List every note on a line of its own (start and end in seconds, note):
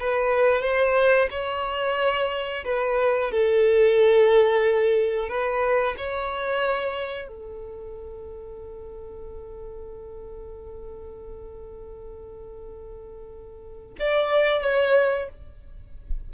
0.00 0.62 B4
0.62 1.28 C5
1.31 2.64 C#5
2.65 3.32 B4
3.32 5.29 A4
5.29 5.95 B4
5.98 7.28 C#5
7.28 13.95 A4
13.99 14.63 D5
14.63 15.29 C#5